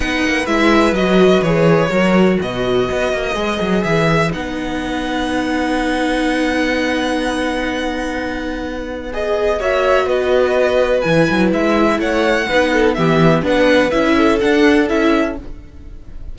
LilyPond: <<
  \new Staff \with { instrumentName = "violin" } { \time 4/4 \tempo 4 = 125 fis''4 e''4 dis''4 cis''4~ | cis''4 dis''2. | e''4 fis''2.~ | fis''1~ |
fis''2. dis''4 | e''4 dis''2 gis''4 | e''4 fis''2 e''4 | fis''4 e''4 fis''4 e''4 | }
  \new Staff \with { instrumentName = "violin" } { \time 4/4 b'1 | ais'4 b'2.~ | b'1~ | b'1~ |
b'1 | cis''4 b'2.~ | b'4 cis''4 b'8 a'8 g'4 | b'4. a'2~ a'8 | }
  \new Staff \with { instrumentName = "viola" } { \time 4/4 dis'4 e'4 fis'4 gis'4 | fis'2. gis'4~ | gis'4 dis'2.~ | dis'1~ |
dis'2. gis'4 | fis'2. e'4~ | e'2 dis'4 b4 | d'4 e'4 d'4 e'4 | }
  \new Staff \with { instrumentName = "cello" } { \time 4/4 b8 ais8 gis4 fis4 e4 | fis4 b,4 b8 ais8 gis8 fis8 | e4 b2.~ | b1~ |
b1 | ais4 b2 e8 fis8 | gis4 a4 b4 e4 | b4 cis'4 d'4 cis'4 | }
>>